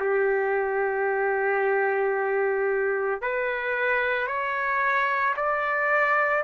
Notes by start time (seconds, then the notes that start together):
0.00 G4
3.21 B4
4.27 C#5
5.36 D5